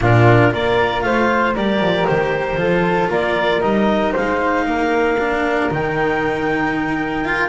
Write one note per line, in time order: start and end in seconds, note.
0.00 0.52 A#2
0.00 0.51 D4
0.00 0.50 F4
0.00 0.53 A#4
0.51 1.03 A#3
0.51 1.54 F4
0.51 1.04 A#4
0.51 1.02 D5
1.02 1.55 A3
1.02 1.55 C5
1.02 1.53 F5
1.55 1.79 G3
1.55 2.57 G4
1.55 2.58 A#4
1.55 2.06 D5
1.79 2.05 F3
2.06 2.56 D#3
2.06 3.09 C5
2.56 3.08 F3
2.56 3.61 F4
2.56 3.09 A4
3.09 3.61 A#3
3.09 4.12 A#4
3.09 3.61 D5
3.61 4.14 G3
3.61 5.16 D#4
3.61 4.12 D#5
4.12 4.66 G#3
4.12 4.64 C5
4.12 5.71 F5
4.66 5.69 A#3
4.66 7.48 A#4
5.19 5.70 D4
5.70 7.48 D#3
5.70 7.24 D#4
5.70 7.48 G5
7.24 7.48 F4